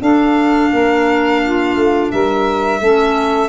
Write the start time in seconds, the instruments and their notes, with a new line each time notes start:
0.00 clarinet D4, tuba D4, saxophone A4, violin F5
0.73 tuba A#3, saxophone A#4
1.43 saxophone F4
1.76 tuba A3
2.11 tuba G3, saxophone A#4, violin E5
2.80 tuba A3, clarinet C#4, saxophone A4